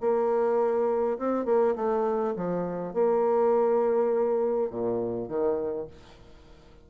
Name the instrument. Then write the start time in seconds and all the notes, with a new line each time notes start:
bassoon
0.00 A#3
1.18 C4
1.45 A#3
1.75 A3
2.36 F3
2.93 A#3
4.70 A#2
5.28 D#3